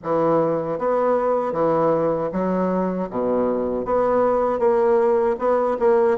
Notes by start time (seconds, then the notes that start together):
0.03 E3
0.78 B3
1.52 E3
2.32 F#3
3.09 B2
3.85 B3
4.59 A#3
5.38 B3
5.79 A#3